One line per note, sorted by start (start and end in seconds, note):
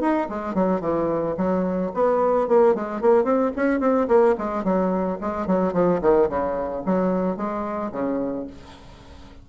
0.00 0.27 D#4
0.29 0.54 G#3
0.54 0.81 F#3
0.81 1.35 E3
1.37 1.91 F#3
1.93 2.47 B3
2.47 2.74 A#3
2.74 3.01 G#3
3.01 3.24 A#3
3.24 3.51 C4
3.56 3.80 C#4
3.80 4.07 C4
4.08 4.35 A#3
4.38 4.63 G#3
4.63 5.18 F#3
5.20 5.47 G#3
5.47 5.73 F#3
5.73 6.00 F3
6.01 6.29 D#3
6.29 6.83 C#3
6.85 7.36 F#3
7.36 7.91 G#3
7.92 8.46 C#3